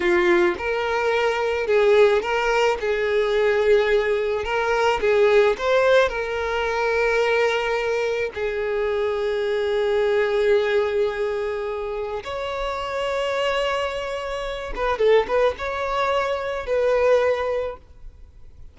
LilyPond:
\new Staff \with { instrumentName = "violin" } { \time 4/4 \tempo 4 = 108 f'4 ais'2 gis'4 | ais'4 gis'2. | ais'4 gis'4 c''4 ais'4~ | ais'2. gis'4~ |
gis'1~ | gis'2 cis''2~ | cis''2~ cis''8 b'8 a'8 b'8 | cis''2 b'2 | }